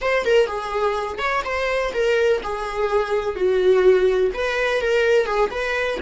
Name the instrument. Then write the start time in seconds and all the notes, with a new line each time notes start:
viola
0.01 C5
0.25 A#4
0.46 G#4
1.18 C#5
1.44 C5
1.93 A#4
2.43 G#4
3.35 F#4
4.34 B4
4.81 A#4
5.26 G#4
5.50 B4